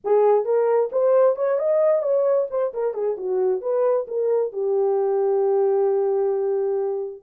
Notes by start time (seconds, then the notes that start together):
0.04 G#4
0.44 A#4
0.92 C5
1.36 C#5
1.58 D#5
2.02 C#5
2.50 C5
2.73 A#4
2.93 G#4
3.17 F#4
3.61 B4
4.07 A#4
4.52 G4